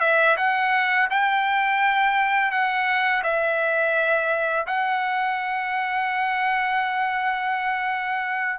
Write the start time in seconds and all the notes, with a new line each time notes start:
0.00 E5
0.37 F#5
1.10 G5
2.51 F#5
3.23 E5
4.66 F#5